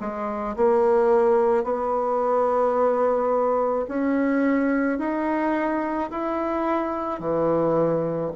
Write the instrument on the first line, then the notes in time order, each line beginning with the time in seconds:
bassoon
0.00 G#3
0.56 A#3
1.64 B3
3.88 C#4
4.98 D#4
6.10 E4
7.20 E3